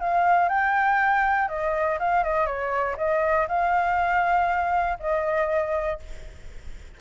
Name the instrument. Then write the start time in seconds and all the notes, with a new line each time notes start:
flute
0.00 F5
0.49 G5
1.49 D#5
1.99 F5
2.24 D#5
2.46 C#5
2.97 D#5
3.48 F5
5.00 D#5